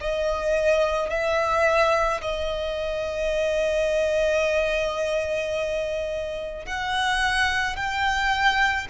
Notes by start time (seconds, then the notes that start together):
0.00 D#5
1.10 E5
2.21 D#5
6.65 F#5
7.76 G5